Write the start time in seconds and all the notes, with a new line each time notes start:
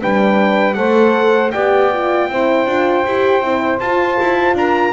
0.00 G3 D4 B4 G5
0.74 A3 A4 C5 F#5
1.51 B3 G4 D5 G5
1.93 F4
2.29 C4 E4 C5
2.66 D4 F4
3.06 E4 G4
3.41 C4 E4
3.80 F4 A5
4.20 E4
4.54 D4 A#4 A#5